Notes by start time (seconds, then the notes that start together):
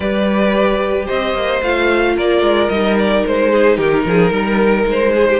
0.00 G3 G4 B4 D5
1.06 C4 C5 D#5
1.34 A#3
1.62 A3 F4 F5
2.16 A#3 A#4 D5
2.41 G#3
2.69 G3 D#4 D#5
2.98 D5
3.26 G#3 C5
3.51 G#4
3.76 D#3 G4 A#4
4.05 F3 G#4
4.30 G3 A#4
4.85 G#3 C5
5.14 G#4
5.28 G4